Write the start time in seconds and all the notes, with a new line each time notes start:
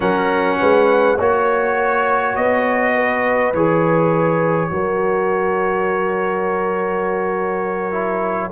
0.00 F#3 C#4 A#4 F#5
0.59 G#3 B4
1.16 A#3 F#4 C#5
2.35 B3 D#5
2.94 B4
3.53 E3 G#4 C#5
4.69 F#3 F#4 A#4
7.91 E4